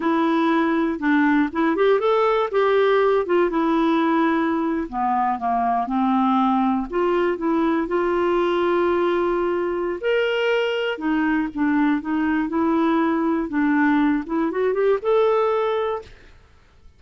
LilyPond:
\new Staff \with { instrumentName = "clarinet" } { \time 4/4 \tempo 4 = 120 e'2 d'4 e'8 g'8 | a'4 g'4. f'8 e'4~ | e'4.~ e'16 b4 ais4 c'16~ | c'4.~ c'16 f'4 e'4 f'16~ |
f'1 | ais'2 dis'4 d'4 | dis'4 e'2 d'4~ | d'8 e'8 fis'8 g'8 a'2 | }